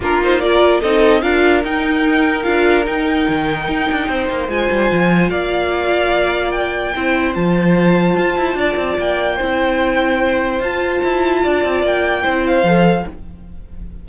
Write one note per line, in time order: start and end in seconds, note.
0.00 0.81 A#3
0.00 0.22 D4
0.00 0.42 F4
0.00 0.23 A#4
0.22 0.41 D#4
0.22 0.40 C5
0.40 0.82 F4
0.40 0.80 A#4
0.40 0.80 D5
0.80 1.22 C4
0.80 1.21 D#4
0.80 1.21 A4
0.80 1.21 D#5
1.21 1.63 D4
1.21 1.62 F4
1.21 4.07 A#4
1.21 1.62 F5
1.63 2.45 D#4
1.63 2.43 D#4
1.63 2.43 G5
2.43 2.86 D4
2.43 2.84 F4
2.43 2.84 F5
2.84 4.48 D#4
2.84 3.27 D#4
2.84 4.49 G5
3.28 3.68 D#3
3.68 3.88 D#4
3.91 4.08 D4
4.08 4.29 C4
4.08 5.30 C5
4.30 4.48 A#3
4.48 4.68 G#3
4.48 6.93 F4
4.48 5.29 G#5
4.70 4.91 G3
4.91 5.29 F3
5.29 6.93 A#3
5.29 6.94 D5
5.29 6.51 F5
6.51 7.33 G5
6.95 7.35 C4
6.95 7.34 E4
6.95 8.58 C5
7.34 8.16 F3
7.34 9.38 F4
7.34 8.97 A5
8.16 8.37 F4
8.37 8.54 E4
8.54 8.74 D4
8.54 9.36 D5
8.76 8.97 C4
8.98 9.38 A#3
8.98 10.62 G5
9.36 10.59 C4
9.36 10.62 E4
9.36 11.40 C5
10.59 11.00 F4
10.59 12.23 F4
10.59 11.85 A5
11.03 11.44 E4
11.43 11.64 D4
11.43 12.23 D5
11.64 11.82 C4
11.82 12.23 A#3
11.82 12.47 G5
12.23 12.62 C4
12.23 12.64 E4
12.23 13.04 C5
12.47 13.08 F5
12.62 13.03 F3
12.62 13.08 A4